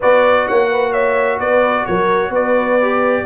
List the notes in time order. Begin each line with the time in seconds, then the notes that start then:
0.00 B3 F#4 B4 D5
0.47 A#3 C#5 F#5
0.70 B4
0.91 C#5 E5
1.39 B3 B4 D5
1.86 F#3 A#4 C#5
2.29 B3 B4 D5
2.81 G4